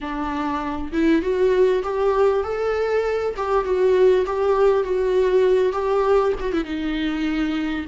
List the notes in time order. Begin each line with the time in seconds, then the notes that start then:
0.01 D4
0.92 E4
1.22 F#4
1.83 G4
2.43 A4
3.36 G4
3.64 F#4
4.26 G4
4.83 F#4
5.72 G4
6.40 F#4
6.52 E4
6.64 D#4